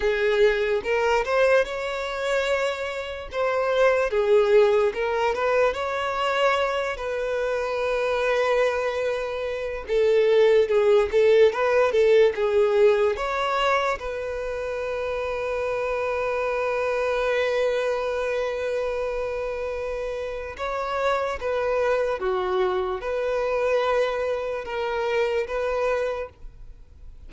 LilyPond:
\new Staff \with { instrumentName = "violin" } { \time 4/4 \tempo 4 = 73 gis'4 ais'8 c''8 cis''2 | c''4 gis'4 ais'8 b'8 cis''4~ | cis''8 b'2.~ b'8 | a'4 gis'8 a'8 b'8 a'8 gis'4 |
cis''4 b'2.~ | b'1~ | b'4 cis''4 b'4 fis'4 | b'2 ais'4 b'4 | }